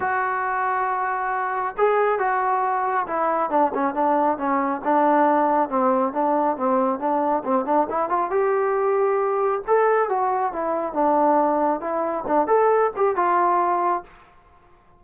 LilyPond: \new Staff \with { instrumentName = "trombone" } { \time 4/4 \tempo 4 = 137 fis'1 | gis'4 fis'2 e'4 | d'8 cis'8 d'4 cis'4 d'4~ | d'4 c'4 d'4 c'4 |
d'4 c'8 d'8 e'8 f'8 g'4~ | g'2 a'4 fis'4 | e'4 d'2 e'4 | d'8 a'4 g'8 f'2 | }